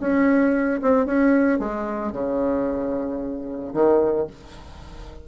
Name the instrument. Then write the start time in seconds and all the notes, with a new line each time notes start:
bassoon
0.00 C#4
0.82 C4
1.05 C#4
1.59 G#3
2.12 C#3
3.73 D#3